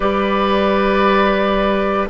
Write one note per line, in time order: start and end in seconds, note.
0.00 2.09 G3
0.00 2.09 G4
0.00 2.08 B4
0.00 2.07 D5